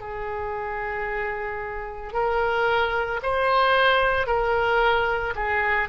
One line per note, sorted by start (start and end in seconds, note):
0.00 2.13 G#4
2.13 3.20 A#4
3.22 4.27 C5
4.27 5.34 A#4
5.35 5.88 G#4